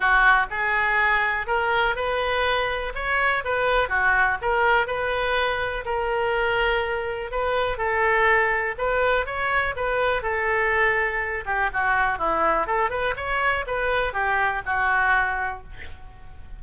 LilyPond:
\new Staff \with { instrumentName = "oboe" } { \time 4/4 \tempo 4 = 123 fis'4 gis'2 ais'4 | b'2 cis''4 b'4 | fis'4 ais'4 b'2 | ais'2. b'4 |
a'2 b'4 cis''4 | b'4 a'2~ a'8 g'8 | fis'4 e'4 a'8 b'8 cis''4 | b'4 g'4 fis'2 | }